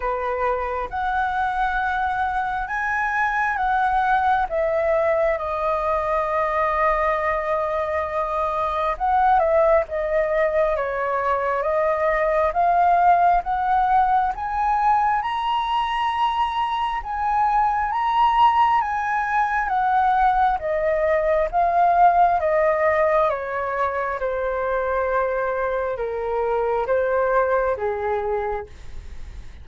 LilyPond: \new Staff \with { instrumentName = "flute" } { \time 4/4 \tempo 4 = 67 b'4 fis''2 gis''4 | fis''4 e''4 dis''2~ | dis''2 fis''8 e''8 dis''4 | cis''4 dis''4 f''4 fis''4 |
gis''4 ais''2 gis''4 | ais''4 gis''4 fis''4 dis''4 | f''4 dis''4 cis''4 c''4~ | c''4 ais'4 c''4 gis'4 | }